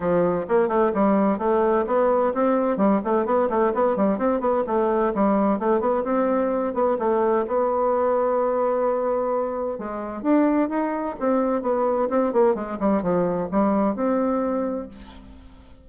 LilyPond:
\new Staff \with { instrumentName = "bassoon" } { \time 4/4 \tempo 4 = 129 f4 ais8 a8 g4 a4 | b4 c'4 g8 a8 b8 a8 | b8 g8 c'8 b8 a4 g4 | a8 b8 c'4. b8 a4 |
b1~ | b4 gis4 d'4 dis'4 | c'4 b4 c'8 ais8 gis8 g8 | f4 g4 c'2 | }